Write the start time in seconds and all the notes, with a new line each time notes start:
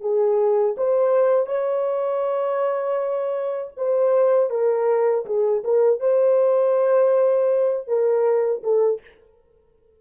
0.00 G#4
0.77 C5
1.46 C#5
3.76 C5
4.50 A#4
5.25 G#4
5.64 A#4
6.00 C5
7.87 A#4
8.63 A4